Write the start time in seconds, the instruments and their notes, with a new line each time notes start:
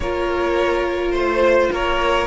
0.00 cello A#3, viola F4, violin A#4 C#5
1.11 cello A3, violin C5
1.72 cello A#3, violin A#4 C#5